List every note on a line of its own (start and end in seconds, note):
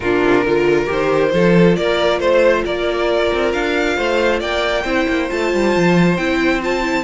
0.00 0.20 A#2
0.00 0.46 D4
0.00 0.44 F4
0.00 0.86 A#4
0.24 0.43 C3
0.43 0.87 D3
0.43 0.85 F4
0.43 1.32 A#4
0.85 1.33 D#3
0.85 1.29 G4
0.85 1.75 C5
1.30 1.77 F3
1.30 4.83 F4
1.30 1.77 A4
1.75 2.20 A#3
1.75 2.19 A#4
1.75 2.20 D5
2.19 2.64 A3
2.19 2.63 C5
2.19 2.64 C5
2.65 3.31 A#3
2.65 3.97 A#4
2.65 3.52 D5
3.32 3.53 C4
3.52 3.97 D4
3.52 4.40 F5
3.97 4.41 A3
3.97 4.39 C5
4.39 4.84 A#3
4.39 4.82 D5
4.39 5.30 G5
4.82 5.06 C4
4.82 5.29 E4
4.82 7.03 C5
5.08 5.30 A#3
5.29 5.53 A3
5.29 6.17 F4
5.29 6.16 A5
5.53 5.75 G3
5.76 6.18 F3
6.16 7.04 C4
6.16 6.62 E4
6.16 6.61 G5
6.62 6.82 F4
6.62 7.04 A5
6.82 7.04 E4